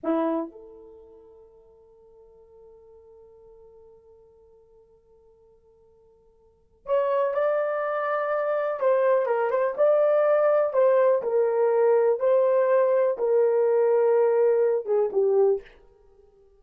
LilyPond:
\new Staff \with { instrumentName = "horn" } { \time 4/4 \tempo 4 = 123 e'4 a'2.~ | a'1~ | a'1~ | a'2 cis''4 d''4~ |
d''2 c''4 ais'8 c''8 | d''2 c''4 ais'4~ | ais'4 c''2 ais'4~ | ais'2~ ais'8 gis'8 g'4 | }